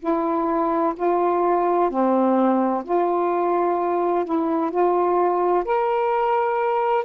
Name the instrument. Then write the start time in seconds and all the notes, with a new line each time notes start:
saxophone
0.00 E4
0.96 F4
1.90 C4
2.84 F4
4.25 E4
4.71 F4
5.65 A#4